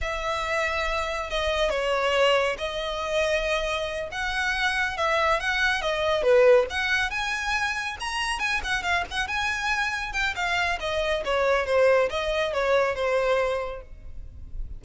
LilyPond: \new Staff \with { instrumentName = "violin" } { \time 4/4 \tempo 4 = 139 e''2. dis''4 | cis''2 dis''2~ | dis''4. fis''2 e''8~ | e''8 fis''4 dis''4 b'4 fis''8~ |
fis''8 gis''2 ais''4 gis''8 | fis''8 f''8 fis''8 gis''2 g''8 | f''4 dis''4 cis''4 c''4 | dis''4 cis''4 c''2 | }